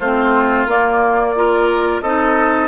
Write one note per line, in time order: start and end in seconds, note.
0.00 0.67 A3
0.00 0.68 C4
0.00 1.35 F4
0.00 0.67 C5
0.67 2.01 A#3
0.67 1.36 A#3
0.67 2.02 D5
1.36 2.03 F4
1.36 2.03 A#4
2.02 2.69 C4
2.02 2.69 D#4
2.02 2.69 A4
2.02 2.69 D#5